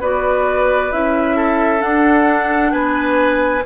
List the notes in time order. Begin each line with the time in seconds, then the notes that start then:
0.00 B3 F#4 B4 D5
0.92 C#4 E4 E5
1.36 A4
1.79 D4 F#5
2.72 B3 B4 G#5